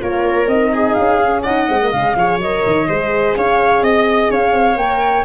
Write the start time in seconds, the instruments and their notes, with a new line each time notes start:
0.00 tuba A#3, horn F4, viola A#4, flute C#5
0.47 tuba C4, horn D#4, flute D#5
0.73 viola G#4
0.93 tuba C#4, flute F5
1.23 horn C#4
1.43 tuba D#4, viola D#5, flute F#5
1.67 tuba G#3, horn C4
1.81 horn A#3
1.91 tuba C#3, horn G#3, flute F5
2.16 tuba F3, horn G#4, viola C#5
2.37 tuba F#3, horn A#4, flute D#5
2.66 tuba D#3
2.88 tuba G#3, horn G#4, viola C5
3.36 tuba C#4, viola C#5, flute F5
3.81 tuba C4, flute D#5, viola D#5
4.30 tuba C#4, viola C#5, flute F5
4.52 tuba C4
4.76 tuba A#3, horn A#4, flute G5